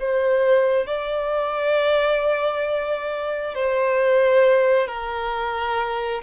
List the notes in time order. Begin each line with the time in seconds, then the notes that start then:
0.00 C5
0.87 D5
3.55 C5
4.88 A#4